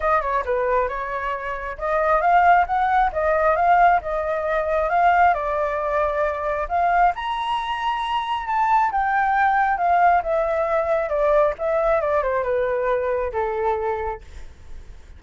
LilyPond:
\new Staff \with { instrumentName = "flute" } { \time 4/4 \tempo 4 = 135 dis''8 cis''8 b'4 cis''2 | dis''4 f''4 fis''4 dis''4 | f''4 dis''2 f''4 | d''2. f''4 |
ais''2. a''4 | g''2 f''4 e''4~ | e''4 d''4 e''4 d''8 c''8 | b'2 a'2 | }